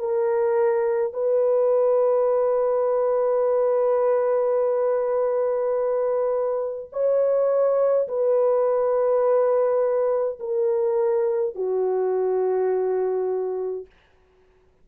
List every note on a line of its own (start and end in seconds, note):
0.00 1.13 A#4
1.13 6.90 B4
6.93 8.08 C#5
8.08 10.39 B4
10.40 11.55 A#4
11.56 13.87 F#4